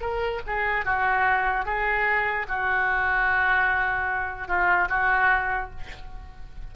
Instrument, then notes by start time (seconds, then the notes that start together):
oboe
0.00 A#4
0.46 G#4
0.85 F#4
1.65 G#4
2.48 F#4
4.47 F4
4.89 F#4